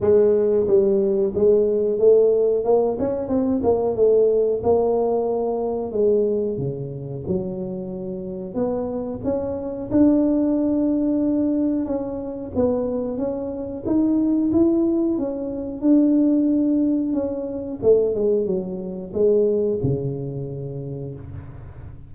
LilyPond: \new Staff \with { instrumentName = "tuba" } { \time 4/4 \tempo 4 = 91 gis4 g4 gis4 a4 | ais8 cis'8 c'8 ais8 a4 ais4~ | ais4 gis4 cis4 fis4~ | fis4 b4 cis'4 d'4~ |
d'2 cis'4 b4 | cis'4 dis'4 e'4 cis'4 | d'2 cis'4 a8 gis8 | fis4 gis4 cis2 | }